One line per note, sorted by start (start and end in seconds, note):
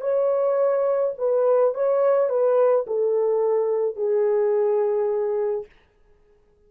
0.00 1.13 C#5
1.18 1.74 B4
1.74 2.29 C#5
2.29 2.86 B4
2.87 3.96 A4
3.96 5.66 G#4